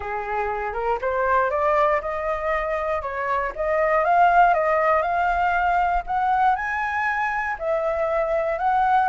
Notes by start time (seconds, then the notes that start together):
0.00 G#4
0.73 A#4
1.01 C5
1.50 D5
2.01 D#5
3.02 C#5
3.55 D#5
4.04 F5
4.54 D#5
5.01 F5
6.06 F#5
6.55 G#5
7.58 E5
8.58 F#5